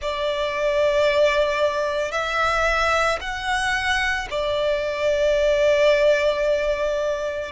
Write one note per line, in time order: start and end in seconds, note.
0.01 2.11 D5
2.11 3.19 E5
3.20 4.28 F#5
4.30 7.51 D5